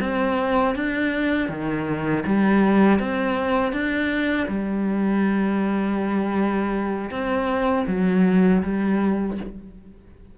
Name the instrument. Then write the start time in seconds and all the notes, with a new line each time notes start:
cello
0.00 C4
0.75 D4
1.49 D#3
2.26 G3
2.99 C4
3.72 D4
4.48 G3
7.10 C4
7.87 F#3
8.62 G3